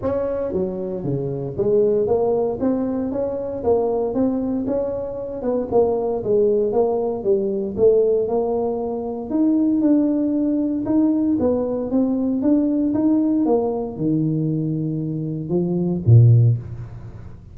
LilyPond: \new Staff \with { instrumentName = "tuba" } { \time 4/4 \tempo 4 = 116 cis'4 fis4 cis4 gis4 | ais4 c'4 cis'4 ais4 | c'4 cis'4. b8 ais4 | gis4 ais4 g4 a4 |
ais2 dis'4 d'4~ | d'4 dis'4 b4 c'4 | d'4 dis'4 ais4 dis4~ | dis2 f4 ais,4 | }